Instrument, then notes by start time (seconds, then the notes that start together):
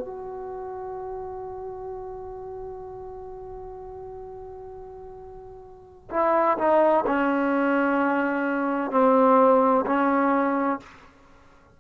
trombone
0.00 F#4
6.11 E4
6.58 D#4
7.07 C#4
8.91 C4
9.86 C#4